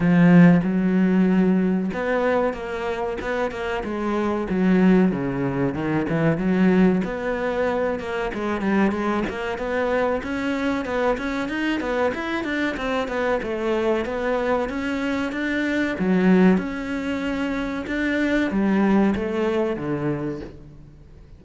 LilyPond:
\new Staff \with { instrumentName = "cello" } { \time 4/4 \tempo 4 = 94 f4 fis2 b4 | ais4 b8 ais8 gis4 fis4 | cis4 dis8 e8 fis4 b4~ | b8 ais8 gis8 g8 gis8 ais8 b4 |
cis'4 b8 cis'8 dis'8 b8 e'8 d'8 | c'8 b8 a4 b4 cis'4 | d'4 fis4 cis'2 | d'4 g4 a4 d4 | }